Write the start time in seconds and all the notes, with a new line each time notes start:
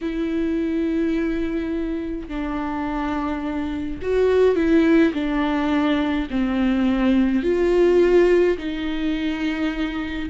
0.01 E4
2.28 D4
4.02 F#4
4.55 E4
5.13 D4
6.30 C4
7.42 F4
8.57 D#4